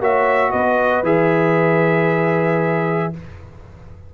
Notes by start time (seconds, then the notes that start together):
0.00 A#3 F#4 C#5 E5
0.51 B3 B4 D#5
1.03 E3 G#4 E5